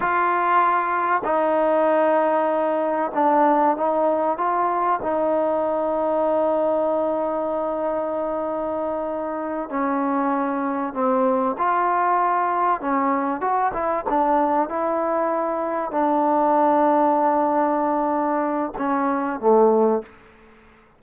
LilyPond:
\new Staff \with { instrumentName = "trombone" } { \time 4/4 \tempo 4 = 96 f'2 dis'2~ | dis'4 d'4 dis'4 f'4 | dis'1~ | dis'2.~ dis'8 cis'8~ |
cis'4. c'4 f'4.~ | f'8 cis'4 fis'8 e'8 d'4 e'8~ | e'4. d'2~ d'8~ | d'2 cis'4 a4 | }